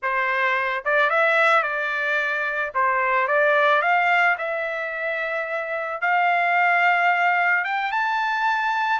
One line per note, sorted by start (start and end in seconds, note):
0.02 0.84 C5
0.85 1.10 D5
1.10 1.62 E5
1.62 2.71 D5
2.74 3.27 C5
3.27 3.82 D5
3.82 4.36 F5
4.38 6.01 E5
6.01 7.64 F5
7.64 7.91 G5
7.91 8.99 A5